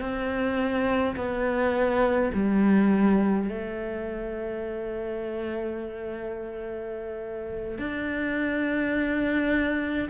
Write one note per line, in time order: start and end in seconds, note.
0.00 1.15 C4
1.15 2.31 B3
2.33 3.49 G3
3.49 7.78 A3
7.78 10.09 D4